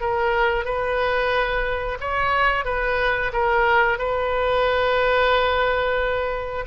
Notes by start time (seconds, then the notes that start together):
0.00 A#4
0.64 B4
2.00 C#5
2.65 B4
3.32 A#4
3.98 B4